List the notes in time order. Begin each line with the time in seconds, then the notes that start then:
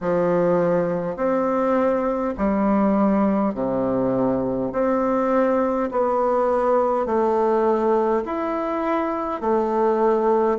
0.00 F3
1.16 C4
2.37 G3
3.54 C3
4.72 C4
5.91 B3
7.06 A3
8.25 E4
9.41 A3